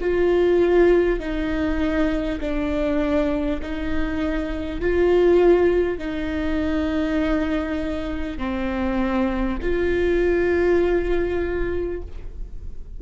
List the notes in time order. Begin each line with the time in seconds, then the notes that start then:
0.00 F4
1.19 D#4
2.40 D4
3.62 D#4
4.80 F4
5.98 D#4
8.37 C4
9.62 F4